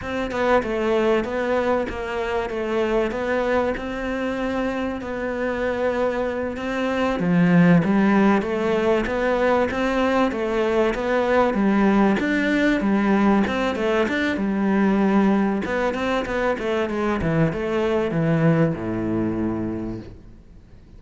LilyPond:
\new Staff \with { instrumentName = "cello" } { \time 4/4 \tempo 4 = 96 c'8 b8 a4 b4 ais4 | a4 b4 c'2 | b2~ b8 c'4 f8~ | f8 g4 a4 b4 c'8~ |
c'8 a4 b4 g4 d'8~ | d'8 g4 c'8 a8 d'8 g4~ | g4 b8 c'8 b8 a8 gis8 e8 | a4 e4 a,2 | }